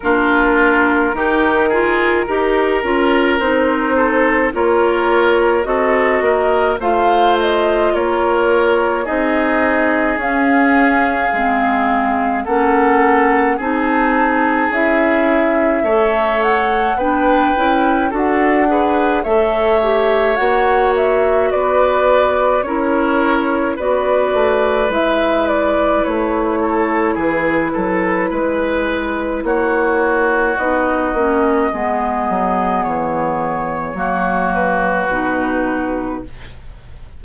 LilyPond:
<<
  \new Staff \with { instrumentName = "flute" } { \time 4/4 \tempo 4 = 53 ais'2. c''4 | cis''4 dis''4 f''8 dis''8 cis''4 | dis''4 f''2 fis''4 | a''4 e''4. fis''8 g''4 |
fis''4 e''4 fis''8 e''8 d''4 | cis''4 d''4 e''8 d''8 cis''4 | b'2 cis''4 dis''4~ | dis''4 cis''4. b'4. | }
  \new Staff \with { instrumentName = "oboe" } { \time 4/4 f'4 g'8 gis'8 ais'4. a'8 | ais'4 a'8 ais'8 c''4 ais'4 | gis'2. a'4 | gis'2 cis''4 b'4 |
a'8 b'8 cis''2 b'4 | ais'4 b'2~ b'8 a'8 | gis'8 a'8 b'4 fis'2 | gis'2 fis'2 | }
  \new Staff \with { instrumentName = "clarinet" } { \time 4/4 d'4 dis'8 f'8 g'8 f'8 dis'4 | f'4 fis'4 f'2 | dis'4 cis'4 c'4 cis'4 | dis'4 e'4 a'4 d'8 e'8 |
fis'8 gis'8 a'8 g'8 fis'2 | e'4 fis'4 e'2~ | e'2. dis'8 cis'8 | b2 ais4 dis'4 | }
  \new Staff \with { instrumentName = "bassoon" } { \time 4/4 ais4 dis4 dis'8 cis'8 c'4 | ais4 c'8 ais8 a4 ais4 | c'4 cis'4 gis4 ais4 | c'4 cis'4 a4 b8 cis'8 |
d'4 a4 ais4 b4 | cis'4 b8 a8 gis4 a4 | e8 fis8 gis4 ais4 b8 ais8 | gis8 fis8 e4 fis4 b,4 | }
>>